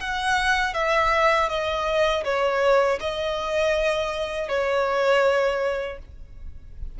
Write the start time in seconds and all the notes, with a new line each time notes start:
0.00 F#5
0.74 E5
1.49 D#5
2.24 C#5
3.00 D#5
4.49 C#5